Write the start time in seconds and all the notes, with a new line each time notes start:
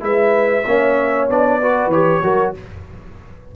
0.00 G#3 E4 B4 E5
0.66 A#3 C#4 C#5
1.29 B3 D4 D5
1.60 F#4 B4
1.87 E3 G4 C#5
2.22 F#3 F#4 A#4